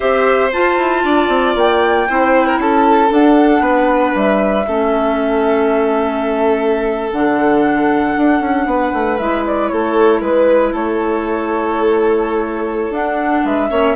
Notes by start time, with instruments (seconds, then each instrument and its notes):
0.00 bassoon C4, clarinet G4, violin C5, flute E5
0.52 clarinet F4, bassoon F4, flute A5
0.77 bassoon E4
1.04 bassoon D4, violin D5
1.28 bassoon C4
1.55 bassoon A#3, flute G5
2.08 bassoon C4, clarinet E4, violin C5
2.46 violin A#4
2.58 bassoon C#4, violin A4, flute A5
3.08 clarinet D4, bassoon D4, flute F#5
3.60 bassoon B3, violin B4
4.14 bassoon G3, flute E5
4.66 bassoon A3, clarinet C#4, violin A4
7.11 bassoon D3, clarinet D4, flute F#5
8.17 bassoon D4
8.40 bassoon C#4
8.66 bassoon B3, violin B4
8.93 bassoon A3
9.18 bassoon G#3, clarinet E4, flute E5
9.46 flute D5
9.68 bassoon A3, violin A4, flute C#5
10.20 bassoon G#3, violin B4, flute B4
10.72 bassoon A3, violin A4, flute C#5
12.90 bassoon D4, clarinet D4, flute F#5
13.44 bassoon G#3, violin B4, flute E5
13.70 bassoon A#3, clarinet C#4, violin C#5